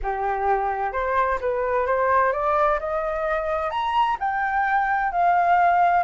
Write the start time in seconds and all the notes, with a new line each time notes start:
0.02 G4
0.92 C5
1.40 B4
1.86 C5
2.32 D5
2.79 D#5
3.70 A#5
4.19 G5
5.11 F5